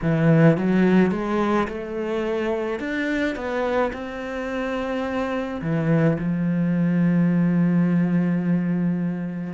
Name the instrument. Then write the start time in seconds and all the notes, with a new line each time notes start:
cello
0.02 E3
0.57 F#3
1.11 G#3
1.68 A3
2.79 D4
3.35 B3
3.93 C4
5.61 E3
6.18 F3